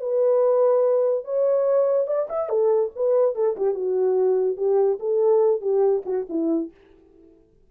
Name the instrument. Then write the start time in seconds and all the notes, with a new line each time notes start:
horn
0.00 B4
1.24 C#5
2.07 D5
2.29 E5
2.49 A4
2.95 B4
3.35 A4
3.56 G4
3.74 F#4
4.57 G4
4.99 A4
5.61 G4
6.05 F#4
6.29 E4